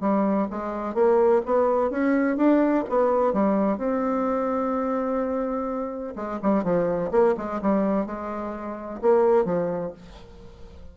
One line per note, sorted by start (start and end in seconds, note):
0.00 0.47 G3
0.50 0.94 G#3
0.94 1.41 A#3
1.45 1.90 B3
1.90 2.37 C#4
2.37 2.84 D4
2.89 3.33 B3
3.33 3.78 G3
3.78 6.14 C4
6.16 6.39 G#3
6.42 6.63 G3
6.63 7.11 F3
7.11 7.35 A#3
7.37 7.61 G#3
7.61 8.06 G3
8.06 9.00 G#3
9.02 9.45 A#3
9.45 9.92 F3